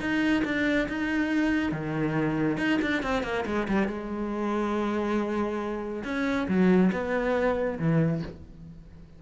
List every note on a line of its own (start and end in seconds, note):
0.00 0.43 D#4
0.45 0.88 D4
0.89 1.72 D#4
1.72 2.57 D#3
2.57 2.79 D#4
2.82 3.03 D4
3.03 3.23 C4
3.23 3.45 A#3
3.46 3.67 G#3
3.68 3.88 G3
3.88 6.03 G#3
6.04 6.47 C#4
6.48 6.91 F#3
6.92 7.79 B3
7.79 8.22 E3